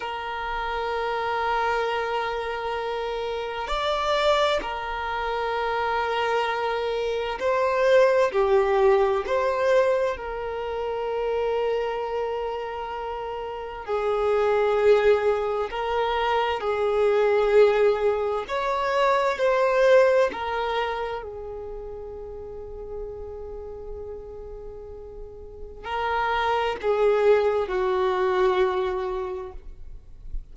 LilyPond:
\new Staff \with { instrumentName = "violin" } { \time 4/4 \tempo 4 = 65 ais'1 | d''4 ais'2. | c''4 g'4 c''4 ais'4~ | ais'2. gis'4~ |
gis'4 ais'4 gis'2 | cis''4 c''4 ais'4 gis'4~ | gis'1 | ais'4 gis'4 fis'2 | }